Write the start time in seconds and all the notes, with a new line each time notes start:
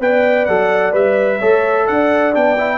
0.00 B3 B4 D5 G5
0.46 F#3 A4 F#5
0.93 G3 B4 E5
1.38 A3 A4 C#5
1.87 D4 D5 F#5
2.33 B3 D4 G5
2.58 E4